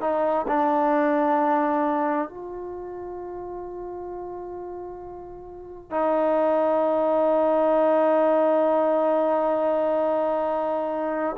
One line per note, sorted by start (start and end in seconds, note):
0.00 0.45 D#4
0.48 2.28 D4
2.28 5.90 F4
5.90 11.36 D#4